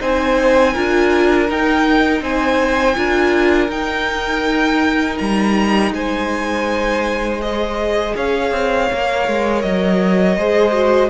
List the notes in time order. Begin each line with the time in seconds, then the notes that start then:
0.00 C4 D#4 C5 G#5
0.73 D4 F4 A#4
1.48 D#4 G5
2.21 C4 C5 G#5
2.95 D4 F4 A#4
3.68 D#4 G5
5.18 G3 A#5
5.92 G#3 C5 G#5
7.41 G#4 D#5
8.16 C#4 C#5 F5
8.51 C4
8.92 A#3 A#4
9.28 G#3
9.62 F#3 D#5
10.37 G#3 G#4 C5
10.73 F#4